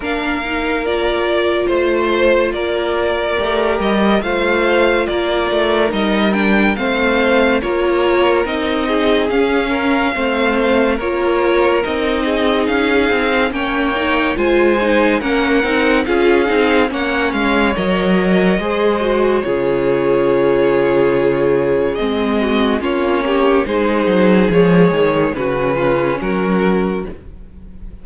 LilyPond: <<
  \new Staff \with { instrumentName = "violin" } { \time 4/4 \tempo 4 = 71 f''4 d''4 c''4 d''4~ | d''8 dis''8 f''4 d''4 dis''8 g''8 | f''4 cis''4 dis''4 f''4~ | f''4 cis''4 dis''4 f''4 |
g''4 gis''4 fis''4 f''4 | fis''8 f''8 dis''2 cis''4~ | cis''2 dis''4 cis''4 | c''4 cis''4 b'4 ais'4 | }
  \new Staff \with { instrumentName = "violin" } { \time 4/4 ais'2 c''4 ais'4~ | ais'4 c''4 ais'2 | c''4 ais'4. gis'4 ais'8 | c''4 ais'4. gis'4. |
cis''4 c''4 ais'4 gis'4 | cis''2 c''4 gis'4~ | gis'2~ gis'8 fis'8 f'8 g'8 | gis'2 fis'8 f'8 fis'4 | }
  \new Staff \with { instrumentName = "viola" } { \time 4/4 d'8 dis'8 f'2. | g'4 f'2 dis'8 d'8 | c'4 f'4 dis'4 cis'4 | c'4 f'4 dis'2 |
cis'8 dis'8 f'8 dis'8 cis'8 dis'8 f'8 dis'8 | cis'4 ais'4 gis'8 fis'8 f'4~ | f'2 c'4 cis'4 | dis'4 gis4 cis'2 | }
  \new Staff \with { instrumentName = "cello" } { \time 4/4 ais2 a4 ais4 | a8 g8 a4 ais8 a8 g4 | a4 ais4 c'4 cis'4 | a4 ais4 c'4 cis'8 c'8 |
ais4 gis4 ais8 c'8 cis'8 c'8 | ais8 gis8 fis4 gis4 cis4~ | cis2 gis4 ais4 | gis8 fis8 f8 dis8 cis4 fis4 | }
>>